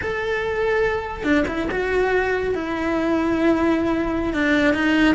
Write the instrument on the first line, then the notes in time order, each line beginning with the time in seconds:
cello
0.01 A4
1.23 D4
1.47 E4
1.71 F#4
2.55 E4
4.33 D4
4.74 D#4